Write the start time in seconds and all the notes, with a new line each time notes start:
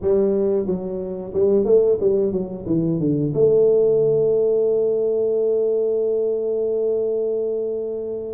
0.01 G3
0.66 F#3
1.33 G3
1.65 A3
2.00 G3
2.32 F#3
2.66 E3
2.99 D3
3.34 A3